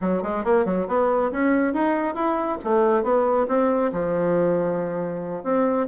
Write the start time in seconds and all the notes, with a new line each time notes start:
0.01 F#3
0.23 G#3
0.44 A#3
0.65 F#3
0.87 B3
1.31 C#4
1.73 D#4
2.14 E4
2.63 A3
3.03 B3
3.48 C4
3.92 F3
5.43 C4